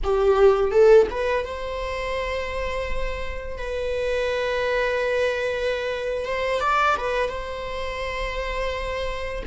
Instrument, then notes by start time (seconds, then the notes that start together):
viola
0.03 G4
0.71 A4
1.10 B4
1.45 C5
3.57 B4
6.25 C5
6.60 D5
6.97 B4
7.29 C5